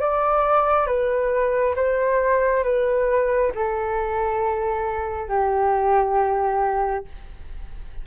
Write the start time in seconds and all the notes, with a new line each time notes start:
0.00 D5
0.87 B4
1.76 C5
2.64 B4
3.55 A4
5.28 G4